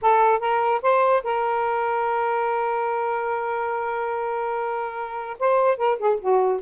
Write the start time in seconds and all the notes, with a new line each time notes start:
0.01 A4
0.39 A#4
0.82 C5
1.23 A#4
5.39 C5
5.77 A#4
5.98 G#4
6.20 F#4